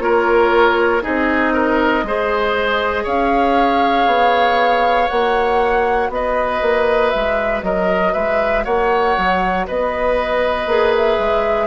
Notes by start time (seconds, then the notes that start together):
0.00 A#3 F4 A#4 C#5
1.02 C4 D#4 G#4 D#5
1.53 A#4
2.04 G#3 G#4 C5
3.04 C#4 C#5 F5
4.07 B3
5.09 A#3 F#4 F#5
6.10 B3 B4 D#5
6.62 A#3
7.10 G#3 E5
7.63 F#3 A#4 D#5
8.13 G#3 B4 E5
8.65 A#3 C#5 F#5
9.18 F#3
9.67 B3 B4 D#5
10.67 A#3 G#4
10.97 E5
11.19 G#3